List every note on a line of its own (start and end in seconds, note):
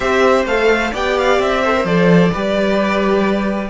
0.00 0.45 C4
0.00 0.46 G4
0.00 0.91 C5
0.00 0.44 E5
0.45 0.92 A3
0.45 0.93 A4
0.45 0.93 F5
0.91 1.39 B3
0.91 1.63 G4
0.91 1.61 D5
0.91 1.18 G5
1.18 1.41 F5
1.39 1.84 C4
1.39 1.85 E5
1.61 1.74 A4
1.61 2.31 C5
1.74 1.86 A#4
1.84 2.30 F3
1.84 2.32 A4
1.84 3.70 D5
2.31 3.70 G3
2.31 3.70 G4
2.31 3.70 B4